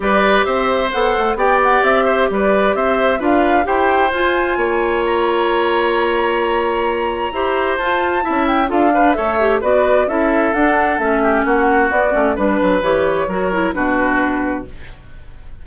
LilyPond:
<<
  \new Staff \with { instrumentName = "flute" } { \time 4/4 \tempo 4 = 131 d''4 e''4 fis''4 g''8 fis''8 | e''4 d''4 e''4 f''4 | g''4 gis''2 ais''4~ | ais''1~ |
ais''4 a''4. g''8 f''4 | e''4 d''4 e''4 fis''4 | e''4 fis''4 d''4 b'4 | cis''2 b'2 | }
  \new Staff \with { instrumentName = "oboe" } { \time 4/4 b'4 c''2 d''4~ | d''8 c''8 b'4 c''4 b'4 | c''2 cis''2~ | cis''1 |
c''2 e''4 a'8 b'8 | cis''4 b'4 a'2~ | a'8 g'8 fis'2 b'4~ | b'4 ais'4 fis'2 | }
  \new Staff \with { instrumentName = "clarinet" } { \time 4/4 g'2 a'4 g'4~ | g'2. f'4 | g'4 f'2.~ | f'1 |
g'4 f'4 e'4 f'8 d'8 | a'8 g'8 fis'4 e'4 d'4 | cis'2 b8 cis'8 d'4 | g'4 fis'8 e'8 d'2 | }
  \new Staff \with { instrumentName = "bassoon" } { \time 4/4 g4 c'4 b8 a8 b4 | c'4 g4 c'4 d'4 | e'4 f'4 ais2~ | ais1 |
e'4 f'4 cis'4 d'4 | a4 b4 cis'4 d'4 | a4 ais4 b8 a8 g8 fis8 | e4 fis4 b,2 | }
>>